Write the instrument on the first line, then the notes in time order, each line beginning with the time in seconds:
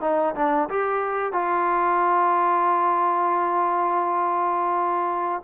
trombone
0.00 D#4
0.35 D4
0.69 G4
1.32 F4